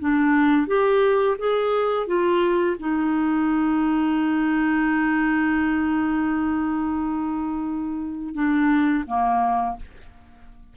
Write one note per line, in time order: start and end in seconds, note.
0.00 0.67 D4
0.67 1.37 G4
1.39 2.07 G#4
2.07 2.77 F4
2.79 8.35 D#4
8.35 9.04 D4
9.07 9.77 A#3